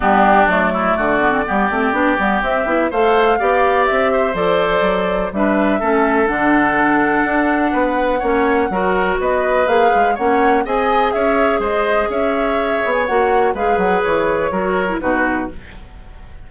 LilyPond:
<<
  \new Staff \with { instrumentName = "flute" } { \time 4/4 \tempo 4 = 124 g'4 d''2.~ | d''4 e''4 f''2 | e''4 d''2 e''4~ | e''4 fis''2.~ |
fis''2. dis''4 | f''4 fis''4 gis''4 e''4 | dis''4 e''4.~ e''16 gis''16 fis''4 | f''8 fis''8 cis''2 b'4 | }
  \new Staff \with { instrumentName = "oboe" } { \time 4/4 d'4. e'8 fis'4 g'4~ | g'2 c''4 d''4~ | d''8 c''2~ c''8 b'4 | a'1 |
b'4 cis''4 ais'4 b'4~ | b'4 cis''4 dis''4 cis''4 | c''4 cis''2. | b'2 ais'4 fis'4 | }
  \new Staff \with { instrumentName = "clarinet" } { \time 4/4 b4 a4. b16 c'16 b8 c'8 | d'8 b8 c'8 e'8 a'4 g'4~ | g'4 a'2 d'4 | cis'4 d'2.~ |
d'4 cis'4 fis'2 | gis'4 cis'4 gis'2~ | gis'2. fis'4 | gis'2 fis'8. e'16 dis'4 | }
  \new Staff \with { instrumentName = "bassoon" } { \time 4/4 g4 fis4 d4 g8 a8 | b8 g8 c'8 b8 a4 b4 | c'4 f4 fis4 g4 | a4 d2 d'4 |
b4 ais4 fis4 b4 | ais8 gis8 ais4 c'4 cis'4 | gis4 cis'4. b8 ais4 | gis8 fis8 e4 fis4 b,4 | }
>>